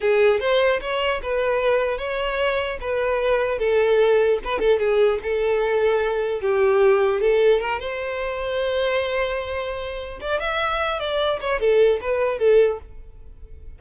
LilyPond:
\new Staff \with { instrumentName = "violin" } { \time 4/4 \tempo 4 = 150 gis'4 c''4 cis''4 b'4~ | b'4 cis''2 b'4~ | b'4 a'2 b'8 a'8 | gis'4 a'2. |
g'2 a'4 ais'8 c''8~ | c''1~ | c''4. d''8 e''4. d''8~ | d''8 cis''8 a'4 b'4 a'4 | }